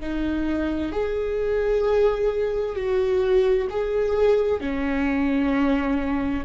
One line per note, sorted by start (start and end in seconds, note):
0.00 0.92 D#4
0.92 2.75 G#4
2.75 3.68 F#4
3.70 4.60 G#4
4.60 6.45 C#4